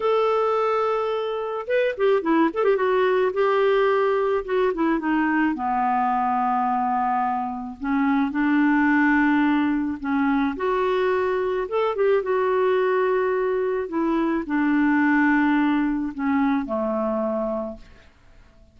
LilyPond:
\new Staff \with { instrumentName = "clarinet" } { \time 4/4 \tempo 4 = 108 a'2. b'8 g'8 | e'8 a'16 g'16 fis'4 g'2 | fis'8 e'8 dis'4 b2~ | b2 cis'4 d'4~ |
d'2 cis'4 fis'4~ | fis'4 a'8 g'8 fis'2~ | fis'4 e'4 d'2~ | d'4 cis'4 a2 | }